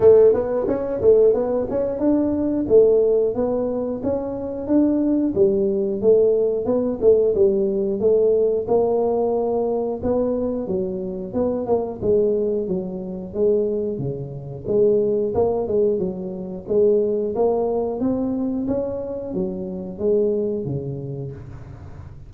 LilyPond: \new Staff \with { instrumentName = "tuba" } { \time 4/4 \tempo 4 = 90 a8 b8 cis'8 a8 b8 cis'8 d'4 | a4 b4 cis'4 d'4 | g4 a4 b8 a8 g4 | a4 ais2 b4 |
fis4 b8 ais8 gis4 fis4 | gis4 cis4 gis4 ais8 gis8 | fis4 gis4 ais4 c'4 | cis'4 fis4 gis4 cis4 | }